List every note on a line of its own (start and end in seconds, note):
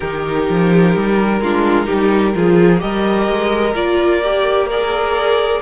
0.00 0.48 D#3
0.00 1.42 D#4
0.00 1.39 G4
0.00 2.80 A#4
0.49 0.96 F3
0.96 1.40 G3
1.40 1.87 G#3
1.40 1.84 D4
1.40 1.86 F4
1.84 2.31 D#4
1.84 2.33 G4
1.91 2.35 G3
2.35 2.81 F3
2.35 2.78 F4
2.35 2.82 G#4
2.78 3.28 G3
2.78 3.71 G4
2.78 4.69 A#4
2.78 3.74 D#5
3.28 3.74 G#3
3.74 5.62 A#3
3.74 4.21 F4
3.74 4.66 D5
4.23 4.70 G4
4.66 5.62 G#4
4.66 5.60 A#4
4.66 5.62 D5